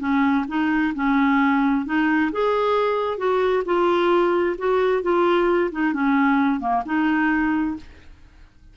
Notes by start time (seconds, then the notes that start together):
0.00 C#4
0.49 D#4
0.95 C#4
1.86 D#4
2.32 G#4
3.18 F#4
3.66 F4
4.58 F#4
5.03 F4
5.72 D#4
5.94 C#4
6.60 A#3
6.86 D#4